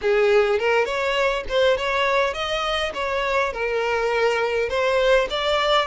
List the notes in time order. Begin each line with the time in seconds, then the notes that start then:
0.01 G#4
0.59 A#4
0.85 C#5
1.48 C5
1.77 C#5
2.33 D#5
2.94 C#5
3.53 A#4
4.69 C5
5.29 D5